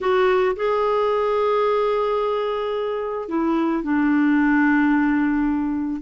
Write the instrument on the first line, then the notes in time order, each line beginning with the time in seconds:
clarinet
0.00 F#4
0.56 G#4
3.28 E4
3.83 D4